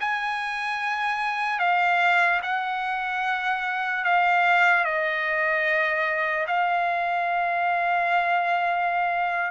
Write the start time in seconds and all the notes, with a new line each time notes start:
0.00 G#5
1.59 F5
2.43 F#5
4.04 F5
4.84 D#5
6.47 F5